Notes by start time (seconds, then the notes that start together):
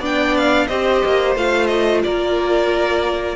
0.00 B3 D4 D5 G5
0.38 F5
0.67 C4 G4 C5 D#5
1.06 A#3
1.36 A3 F4 F5
1.67 D#5
2.04 A#3 A#4 D5